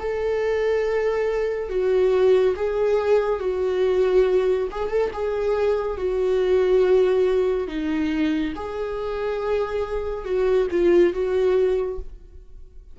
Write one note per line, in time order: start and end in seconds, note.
0.00 1.69 A4
1.69 2.55 F#4
2.56 3.40 G#4
3.40 4.69 F#4
4.71 4.90 G#4
4.90 5.11 A4
5.14 5.98 G#4
5.98 7.68 F#4
7.68 8.54 D#4
8.56 10.25 G#4
10.25 10.68 F#4
10.71 11.14 F4
11.14 11.99 F#4